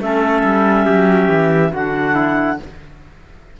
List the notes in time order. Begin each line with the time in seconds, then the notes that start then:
0.00 A3 C#4 A4 E5
0.43 G3
0.85 F#3 G4
1.29 E3
1.73 D3 D4 F#4 F#5
2.14 E4